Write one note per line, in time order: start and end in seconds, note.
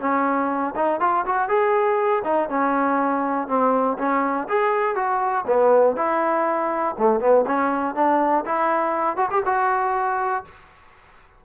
0.00 0.74 C#4
0.75 1.00 D#4
1.00 1.25 F4
1.26 1.49 F#4
1.49 2.23 G#4
2.24 2.49 D#4
2.49 3.48 C#4
3.48 3.98 C4
3.98 4.48 C#4
4.49 4.96 G#4
4.96 5.45 F#4
5.47 5.96 B3
5.96 6.96 E4
6.98 7.20 A3
7.20 7.45 B3
7.47 7.95 C#4
7.95 8.45 D4
8.46 9.17 E4
9.17 9.29 F#4
9.31 9.43 G4
9.45 10.44 F#4